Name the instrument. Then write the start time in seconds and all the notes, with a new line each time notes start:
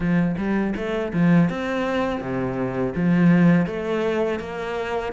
cello
0.00 F3
0.37 G3
0.75 A3
1.13 F3
1.49 C4
2.20 C3
2.95 F3
3.66 A3
4.39 A#3